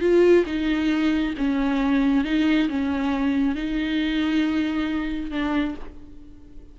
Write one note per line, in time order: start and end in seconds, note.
0.00 0.44 F4
0.46 1.34 D#4
1.37 2.24 C#4
2.24 2.68 D#4
2.68 3.55 C#4
3.55 5.30 D#4
5.30 5.75 D4